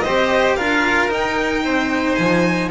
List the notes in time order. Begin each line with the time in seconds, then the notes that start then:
0.00 C4 G4 C5 D#5
0.56 D4 F4 A#4 F5
1.08 D#4 G5
1.63 C4 C5
2.15 F3 G#5